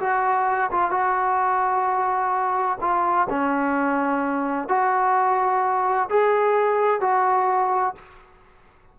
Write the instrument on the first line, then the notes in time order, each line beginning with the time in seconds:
trombone
0.00 F#4
0.71 F4
0.91 F#4
2.81 F4
3.29 C#4
4.68 F#4
6.10 G#4
7.01 F#4